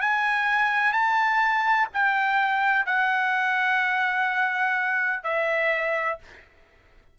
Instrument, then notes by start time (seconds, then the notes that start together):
trumpet
0.00 G#5
0.92 A5
1.93 G5
2.85 F#5
5.23 E5